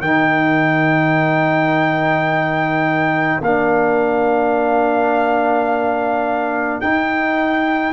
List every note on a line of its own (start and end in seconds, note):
0.00 3.40 D#3
0.00 3.42 D#4
0.00 7.93 A#4
0.00 3.41 G5
3.41 6.80 A#3
3.41 6.82 D4
3.41 6.81 F5
6.81 7.93 D#4
6.81 7.93 G5